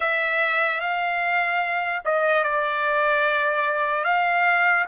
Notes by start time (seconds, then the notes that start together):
0.00 E5
0.80 F5
2.05 D#5
2.43 D5
4.04 F5